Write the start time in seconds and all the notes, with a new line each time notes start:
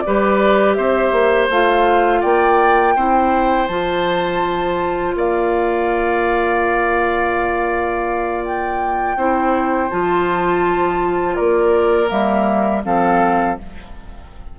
0.00 G4 D5
0.06 G3 B4
0.73 C4 C5 E5
1.12 A#3
1.49 A3 F4 F5
2.20 A#3 D5 G5
2.95 C4 E4 C5
3.67 F3 F4 A5
5.14 A#3 D5 F5
8.43 G5
9.16 C4 E4 C5
9.90 F3 F4 A5
11.35 A#3 A#4 D5
12.07 G3 A#3 E5
12.84 F3 C4 A4 F5